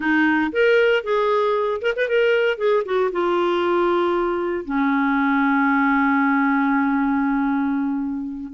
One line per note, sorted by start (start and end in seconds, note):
0.00 0.51 D#4
0.52 1.03 A#4
1.03 1.81 G#4
1.81 1.94 A#4
1.96 2.08 B4
2.08 2.57 A#4
2.57 2.83 G#4
2.85 3.11 F#4
3.12 4.64 F4
4.64 8.52 C#4